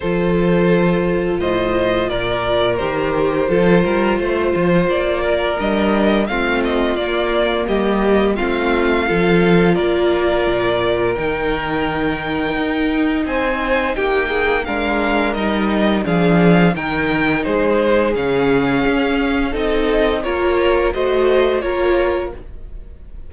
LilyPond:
<<
  \new Staff \with { instrumentName = "violin" } { \time 4/4 \tempo 4 = 86 c''2 dis''4 d''4 | c''2. d''4 | dis''4 f''8 dis''8 d''4 dis''4 | f''2 d''2 |
g''2. gis''4 | g''4 f''4 dis''4 f''4 | g''4 c''4 f''2 | dis''4 cis''4 dis''4 cis''4 | }
  \new Staff \with { instrumentName = "violin" } { \time 4/4 a'2 c''4 ais'4~ | ais'4 a'8 ais'8 c''4. ais'8~ | ais'4 f'2 g'4 | f'4 a'4 ais'2~ |
ais'2. c''4 | g'8 gis'8 ais'2 gis'4 | ais'4 gis'2. | a'4 ais'4 c''4 ais'4 | }
  \new Staff \with { instrumentName = "viola" } { \time 4/4 f'1 | g'4 f'2. | d'4 c'4 ais2 | c'4 f'2. |
dis'1~ | dis'4 d'4 dis'4 d'4 | dis'2 cis'2 | dis'4 f'4 fis'4 f'4 | }
  \new Staff \with { instrumentName = "cello" } { \time 4/4 f2 a,4 ais,4 | dis4 f8 g8 a8 f8 ais4 | g4 a4 ais4 g4 | a4 f4 ais4 ais,4 |
dis2 dis'4 c'4 | ais4 gis4 g4 f4 | dis4 gis4 cis4 cis'4 | c'4 ais4 a4 ais4 | }
>>